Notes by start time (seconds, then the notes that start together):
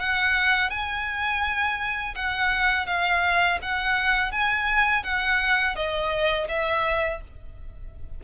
0.00 F#5
0.70 G#5
2.15 F#5
2.87 F5
3.62 F#5
4.32 G#5
5.04 F#5
5.76 D#5
6.49 E5